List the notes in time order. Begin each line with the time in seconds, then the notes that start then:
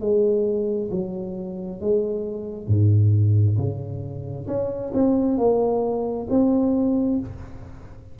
0.00 G#3
0.91 F#3
1.80 G#3
2.67 G#2
3.57 C#3
4.47 C#4
4.93 C4
5.38 A#3
6.30 C4